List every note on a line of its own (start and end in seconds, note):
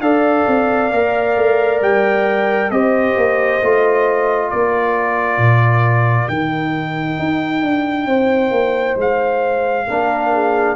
0.00 0.45 D4
0.00 0.91 A4
0.00 2.71 D5
0.00 1.80 F5
0.47 0.91 C4
0.91 1.36 A#3
0.91 2.71 A#4
1.36 1.81 A3
1.81 2.71 G3
1.81 2.71 G5
2.71 3.15 C4
2.71 3.60 G4
2.71 4.49 C5
2.71 4.50 D#5
3.16 3.61 A#3
3.61 4.51 A3
3.61 6.29 F4
4.49 5.37 A#3
4.49 8.07 A#4
4.49 6.28 D5
5.37 6.27 A#2
6.28 7.18 D#3
6.28 9.88 D#4
6.28 8.97 G5
7.18 7.62 D#4
7.62 8.06 D4
8.06 8.51 C4
8.06 9.86 C5
8.51 8.95 A#3
8.96 9.86 G#3
8.96 10.76 F5
9.87 10.76 A#3
9.87 10.76 D4
9.87 10.31 A#4
10.33 10.76 G#4